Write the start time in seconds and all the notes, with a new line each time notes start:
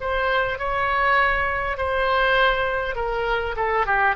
0.00 C5
0.58 C#5
1.77 C5
2.95 A#4
3.56 A4
3.86 G4